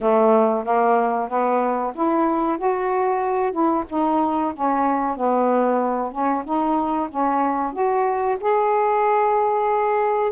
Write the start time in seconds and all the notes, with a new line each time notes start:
0.00 A3
0.64 A#3
1.28 B3
1.94 E4
2.57 F#4
3.52 E4
3.89 D#4
4.54 C#4
5.16 B3
6.11 C#4
6.44 D#4
7.09 C#4
7.72 F#4
8.40 G#4